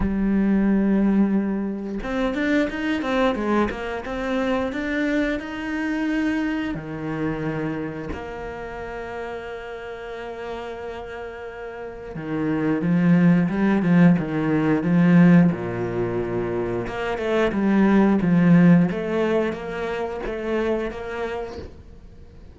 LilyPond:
\new Staff \with { instrumentName = "cello" } { \time 4/4 \tempo 4 = 89 g2. c'8 d'8 | dis'8 c'8 gis8 ais8 c'4 d'4 | dis'2 dis2 | ais1~ |
ais2 dis4 f4 | g8 f8 dis4 f4 ais,4~ | ais,4 ais8 a8 g4 f4 | a4 ais4 a4 ais4 | }